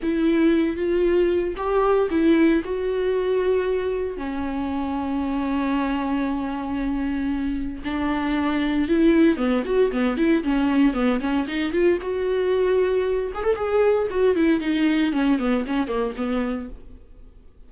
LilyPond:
\new Staff \with { instrumentName = "viola" } { \time 4/4 \tempo 4 = 115 e'4. f'4. g'4 | e'4 fis'2. | cis'1~ | cis'2. d'4~ |
d'4 e'4 b8 fis'8 b8 e'8 | cis'4 b8 cis'8 dis'8 f'8 fis'4~ | fis'4. gis'16 a'16 gis'4 fis'8 e'8 | dis'4 cis'8 b8 cis'8 ais8 b4 | }